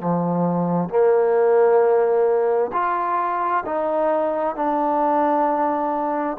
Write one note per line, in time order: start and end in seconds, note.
0.00 0.89 F3
0.89 2.71 A#3
2.73 3.64 F4
3.66 4.56 D#4
4.56 6.38 D4